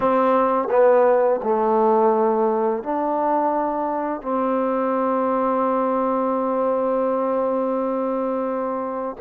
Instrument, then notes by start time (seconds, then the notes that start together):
trombone
0.00 C4
0.70 B3
1.43 A3
2.83 D4
4.22 C4